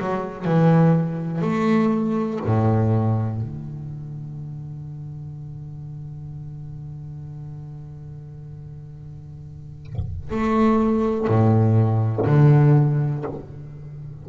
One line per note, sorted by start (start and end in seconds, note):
0.00 0.45 F#3
0.45 1.41 E3
1.41 2.40 A3
2.45 3.41 A2
3.41 10.30 D3
10.30 11.27 A3
11.27 12.25 A2
12.26 13.24 D3